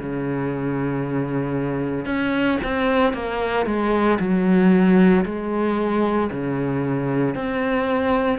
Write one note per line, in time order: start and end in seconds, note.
0.00 2.06 C#3
2.06 2.58 C#4
2.64 3.14 C4
3.14 3.67 A#3
3.67 4.19 G#3
4.20 5.25 F#3
5.25 6.31 G#3
6.31 7.35 C#3
7.35 8.39 C4